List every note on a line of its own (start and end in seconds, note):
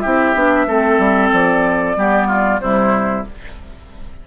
0.00 0.35 C4
0.00 0.36 E4
0.00 0.67 G4
0.00 1.29 E5
0.35 0.67 B3
0.35 0.68 D4
0.67 0.99 A3
0.67 1.97 C4
0.67 1.97 A4
0.99 1.31 G3
1.33 1.97 F3
1.33 2.61 D5
1.97 2.61 G3
1.97 2.61 B3
1.97 2.28 G4
2.28 2.60 F4
2.61 3.25 C3
2.61 3.26 G3
2.61 3.28 E4
2.61 3.25 C5